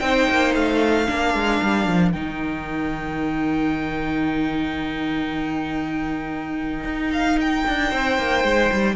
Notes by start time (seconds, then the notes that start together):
0.00 C4 D#4 C5 G5
0.30 A#3
0.55 A3 F5
1.07 A#3 D4 A#4
1.34 G#3
1.62 G3
1.87 F3
2.12 D#3 D#4 G5
6.84 D#4
7.13 F5
7.41 G5
7.67 D4
7.90 C4 C5
8.18 A#3
8.44 G#3
8.73 G3